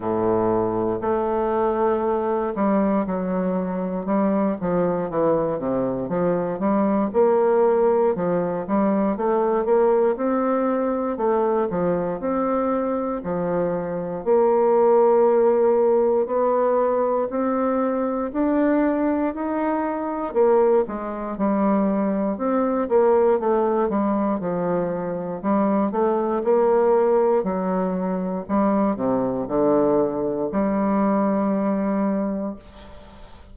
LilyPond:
\new Staff \with { instrumentName = "bassoon" } { \time 4/4 \tempo 4 = 59 a,4 a4. g8 fis4 | g8 f8 e8 c8 f8 g8 ais4 | f8 g8 a8 ais8 c'4 a8 f8 | c'4 f4 ais2 |
b4 c'4 d'4 dis'4 | ais8 gis8 g4 c'8 ais8 a8 g8 | f4 g8 a8 ais4 fis4 | g8 c8 d4 g2 | }